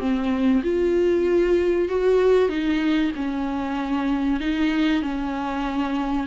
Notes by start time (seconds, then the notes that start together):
0.00 C4
0.64 F4
1.89 F#4
2.49 D#4
3.16 C#4
4.40 D#4
5.02 C#4